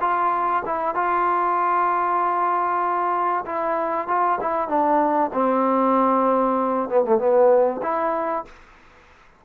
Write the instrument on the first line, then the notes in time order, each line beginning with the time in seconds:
trombone
0.00 F4
0.65 E4
0.94 F4
3.45 E4
4.07 F4
4.41 E4
4.68 D4
5.33 C4
6.89 B3
7.04 A3
7.18 B3
7.82 E4